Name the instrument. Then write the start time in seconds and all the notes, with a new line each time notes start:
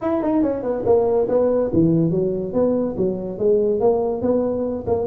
tuba
0.01 E4
0.22 D#4
0.42 C#4
0.62 B3
0.85 A#3
1.28 B3
1.73 E3
2.10 F#3
2.53 B3
2.97 F#3
3.38 G#3
3.80 A#3
4.21 B3
4.86 A#3